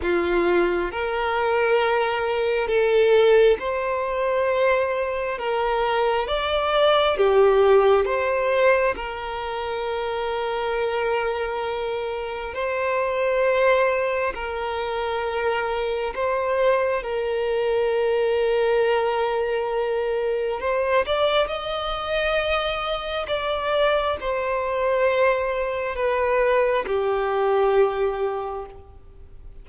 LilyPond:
\new Staff \with { instrumentName = "violin" } { \time 4/4 \tempo 4 = 67 f'4 ais'2 a'4 | c''2 ais'4 d''4 | g'4 c''4 ais'2~ | ais'2 c''2 |
ais'2 c''4 ais'4~ | ais'2. c''8 d''8 | dis''2 d''4 c''4~ | c''4 b'4 g'2 | }